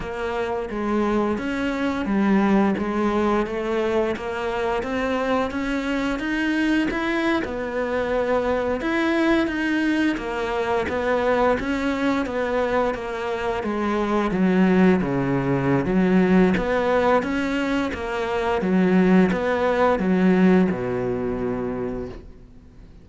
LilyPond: \new Staff \with { instrumentName = "cello" } { \time 4/4 \tempo 4 = 87 ais4 gis4 cis'4 g4 | gis4 a4 ais4 c'4 | cis'4 dis'4 e'8. b4~ b16~ | b8. e'4 dis'4 ais4 b16~ |
b8. cis'4 b4 ais4 gis16~ | gis8. fis4 cis4~ cis16 fis4 | b4 cis'4 ais4 fis4 | b4 fis4 b,2 | }